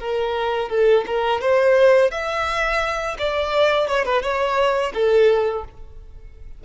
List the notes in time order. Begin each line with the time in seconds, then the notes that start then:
0.00 A#4
0.70 A4
1.07 A#4
1.41 C5
2.11 E5
3.19 D5
3.88 C#5
4.06 B4
4.23 C#5
4.94 A4